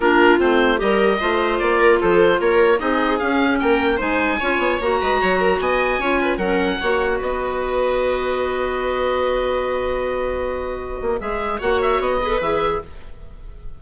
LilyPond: <<
  \new Staff \with { instrumentName = "oboe" } { \time 4/4 \tempo 4 = 150 ais'4 c''4 dis''2 | d''4 c''4 cis''4 dis''4 | f''4 g''4 gis''2 | ais''2 gis''2 |
fis''2 dis''2~ | dis''1~ | dis''1 | e''4 fis''8 e''8 dis''4 e''4 | }
  \new Staff \with { instrumentName = "viola" } { \time 4/4 f'2 ais'4 c''4~ | c''8 ais'8 a'4 ais'4 gis'4~ | gis'4 ais'4 c''4 cis''4~ | cis''8 b'8 cis''8 ais'8 dis''4 cis''8 b'8 |
ais'4 cis''4 b'2~ | b'1~ | b'1~ | b'4 cis''4. b'4. | }
  \new Staff \with { instrumentName = "clarinet" } { \time 4/4 d'4 c'4 g'4 f'4~ | f'2. dis'4 | cis'2 dis'4 f'4 | fis'2. f'4 |
cis'4 fis'2.~ | fis'1~ | fis'1 | gis'4 fis'4. gis'16 a'16 gis'4 | }
  \new Staff \with { instrumentName = "bassoon" } { \time 4/4 ais4 a4 g4 a4 | ais4 f4 ais4 c'4 | cis'4 ais4 gis4 cis'8 b8 | ais8 gis8 fis4 b4 cis'4 |
fis4 ais4 b2~ | b1~ | b2.~ b8 ais8 | gis4 ais4 b4 e4 | }
>>